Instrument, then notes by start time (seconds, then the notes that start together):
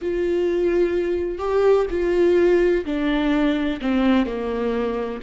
viola
0.01 F4
1.38 G4
1.90 F4
2.85 D4
3.81 C4
4.25 A#3